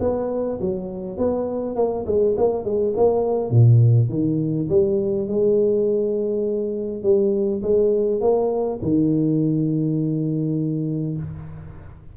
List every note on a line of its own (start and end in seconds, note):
0.00 0.59 B3
0.61 1.18 F#3
1.18 1.76 B3
1.76 2.05 A#3
2.06 2.36 G#3
2.37 2.64 A#3
2.64 2.94 G#3
2.97 3.50 A#3
3.50 4.09 A#2
4.09 4.68 D#3
4.69 5.28 G3
5.28 7.03 G#3
7.03 7.62 G3
7.62 8.21 G#3
8.21 8.80 A#3
8.82 11.17 D#3